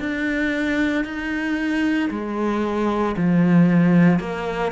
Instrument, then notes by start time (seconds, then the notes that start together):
cello
0.00 D4
1.05 D#4
2.11 G#3
3.17 F3
4.20 A#3